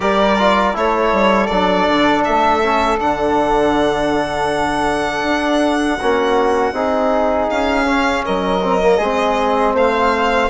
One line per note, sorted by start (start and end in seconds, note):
0.00 0.75 G3
0.00 0.37 G4
0.00 0.75 A#4
0.00 0.75 D5
0.38 0.73 F4
0.73 1.12 A3
0.73 1.48 E4
0.73 5.97 A4
0.73 1.47 C#5
1.12 1.49 G3
1.47 1.88 F#3
1.47 2.62 D4
1.47 2.22 D5
1.88 2.25 D3
2.24 3.00 A3
2.24 2.99 E5
2.62 2.99 C#4
2.99 5.23 D3
2.99 5.99 D4
2.99 7.49 F#5
5.23 5.98 D4
5.97 6.72 A#3
5.97 6.73 C#4
5.97 6.72 F#4
6.72 7.47 C4
6.72 7.85 D#4
6.72 8.24 G#4
7.49 8.25 C#4
7.49 8.24 F5
7.85 8.60 C#4
8.25 8.99 F#3
8.25 8.97 A#4
8.25 9.75 D#5
8.62 8.81 C4
8.81 8.99 A#3
8.97 9.73 G#3
8.97 10.49 C4
8.97 9.72 G#4
9.73 10.48 A3
9.73 10.49 C5
9.73 10.49 F5